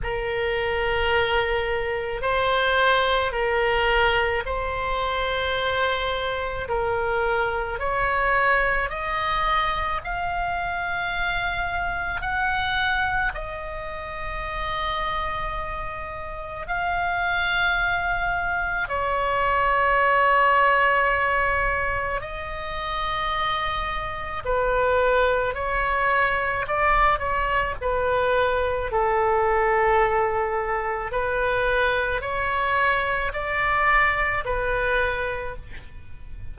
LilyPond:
\new Staff \with { instrumentName = "oboe" } { \time 4/4 \tempo 4 = 54 ais'2 c''4 ais'4 | c''2 ais'4 cis''4 | dis''4 f''2 fis''4 | dis''2. f''4~ |
f''4 cis''2. | dis''2 b'4 cis''4 | d''8 cis''8 b'4 a'2 | b'4 cis''4 d''4 b'4 | }